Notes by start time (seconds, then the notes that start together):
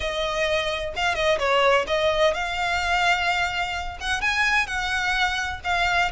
0.00 D#5
0.95 F5
1.15 D#5
1.38 C#5
1.87 D#5
2.34 F5
4.00 F#5
4.21 G#5
4.66 F#5
5.64 F5